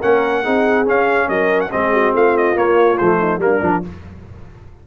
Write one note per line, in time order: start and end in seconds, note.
0.00 0.46 A#3
0.00 0.44 C#4
0.00 0.42 A#4
0.00 0.87 F#5
0.42 0.88 C4
0.42 0.86 D#4
0.42 1.27 G#4
0.86 1.70 C#4
0.86 1.28 C#4
0.86 1.29 F5
1.27 1.71 F#3
1.27 1.70 A#4
1.27 1.60 D#5
1.60 1.71 F#5
1.71 2.14 G#3
1.71 2.56 C4
1.71 1.93 G#4
1.71 2.14 D#5
1.93 2.14 F#4
2.14 2.56 A3
2.14 3.19 F4
2.14 2.37 F5
2.37 2.58 D#5
2.56 2.98 A#3
2.56 2.99 A#3
2.56 2.98 C#5
2.98 3.38 F3
2.98 3.40 A3
2.98 3.40 C5
3.19 3.40 D#4
3.38 3.60 G3
3.38 3.61 A#3
3.38 3.83 A#4
3.45 3.87 D4
3.61 3.84 F3
3.61 3.82 D4